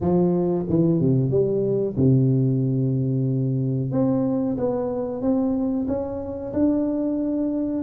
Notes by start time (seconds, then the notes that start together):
0.00 F3
0.69 E3
1.00 C3
1.30 G3
1.96 C3
3.91 C4
4.57 B3
5.21 C4
5.87 C#4
6.53 D4